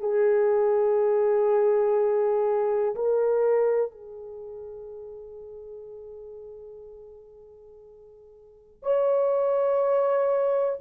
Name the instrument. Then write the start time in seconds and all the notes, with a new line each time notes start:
horn
0.00 G#4
2.96 A#4
3.91 G#4
8.83 C#5